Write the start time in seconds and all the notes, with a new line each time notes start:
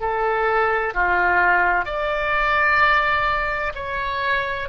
0.00 A4
0.94 F4
1.85 D5
3.75 C#5